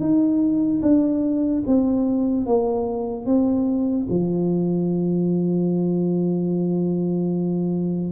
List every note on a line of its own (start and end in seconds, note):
0.00 0.81 D#4
0.82 1.63 D4
1.67 2.47 C4
2.47 3.26 A#3
3.26 4.07 C4
4.09 8.12 F3